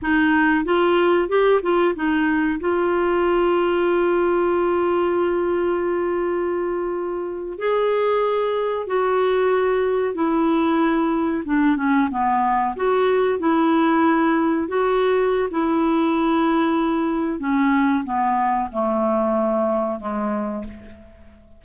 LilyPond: \new Staff \with { instrumentName = "clarinet" } { \time 4/4 \tempo 4 = 93 dis'4 f'4 g'8 f'8 dis'4 | f'1~ | f'2.~ f'8. gis'16~ | gis'4.~ gis'16 fis'2 e'16~ |
e'4.~ e'16 d'8 cis'8 b4 fis'16~ | fis'8. e'2 fis'4~ fis'16 | e'2. cis'4 | b4 a2 gis4 | }